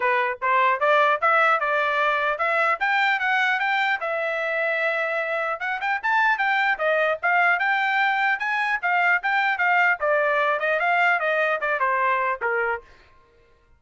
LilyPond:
\new Staff \with { instrumentName = "trumpet" } { \time 4/4 \tempo 4 = 150 b'4 c''4 d''4 e''4 | d''2 e''4 g''4 | fis''4 g''4 e''2~ | e''2 fis''8 g''8 a''4 |
g''4 dis''4 f''4 g''4~ | g''4 gis''4 f''4 g''4 | f''4 d''4. dis''8 f''4 | dis''4 d''8 c''4. ais'4 | }